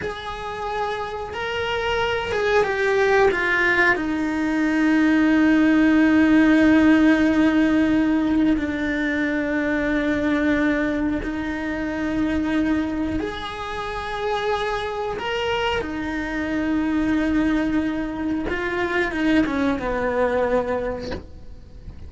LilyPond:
\new Staff \with { instrumentName = "cello" } { \time 4/4 \tempo 4 = 91 gis'2 ais'4. gis'8 | g'4 f'4 dis'2~ | dis'1~ | dis'4 d'2.~ |
d'4 dis'2. | gis'2. ais'4 | dis'1 | f'4 dis'8 cis'8 b2 | }